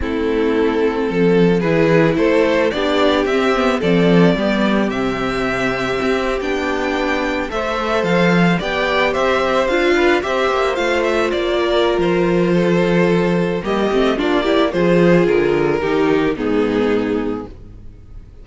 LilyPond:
<<
  \new Staff \with { instrumentName = "violin" } { \time 4/4 \tempo 4 = 110 a'2. b'4 | c''4 d''4 e''4 d''4~ | d''4 e''2~ e''8. g''16~ | g''4.~ g''16 e''4 f''4 g''16~ |
g''8. e''4 f''4 e''4 f''16~ | f''16 e''8 d''4~ d''16 c''2~ | c''4 dis''4 d''4 c''4 | ais'2 gis'2 | }
  \new Staff \with { instrumentName = "violin" } { \time 4/4 e'2 a'4 gis'4 | a'4 g'2 a'4 | g'1~ | g'4.~ g'16 c''2 d''16~ |
d''8. c''4. b'8 c''4~ c''16~ | c''4~ c''16 ais'4.~ ais'16 a'4~ | a'4 g'4 f'8 g'8 gis'4~ | gis'4 g'4 dis'2 | }
  \new Staff \with { instrumentName = "viola" } { \time 4/4 c'2. e'4~ | e'4 d'4 c'8 b8 c'4 | b4 c'2~ c'8. d'16~ | d'4.~ d'16 a'2 g'16~ |
g'4.~ g'16 f'4 g'4 f'16~ | f'1~ | f'4 ais8 c'8 d'8 e'8 f'4~ | f'4 dis'4 b2 | }
  \new Staff \with { instrumentName = "cello" } { \time 4/4 a2 f4 e4 | a4 b4 c'4 f4 | g4 c2 c'8. b16~ | b4.~ b16 a4 f4 b16~ |
b8. c'4 d'4 c'8 ais8 a16~ | a8. ais4~ ais16 f2~ | f4 g8 a8 ais4 f4 | d4 dis4 gis,2 | }
>>